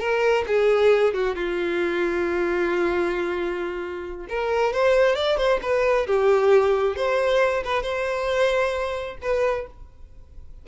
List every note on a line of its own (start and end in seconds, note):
0.00 0.45 A#4
0.47 1.14 G#4
1.14 1.36 F#4
1.36 4.27 F4
4.29 4.73 A#4
4.73 5.16 C5
5.16 5.38 D5
5.38 5.60 C5
5.63 6.07 B4
6.07 6.96 G4
6.97 7.64 C5
7.64 7.83 B4
7.83 9.18 C5
9.22 9.67 B4